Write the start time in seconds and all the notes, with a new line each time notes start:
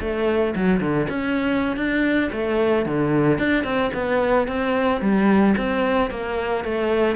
0.00 A3
0.55 F#3
0.80 D3
1.09 C#4
1.76 D4
2.32 A3
2.85 D3
3.38 D4
3.63 C4
3.93 B3
4.47 C4
5.01 G3
5.57 C4
6.10 A#3
6.64 A3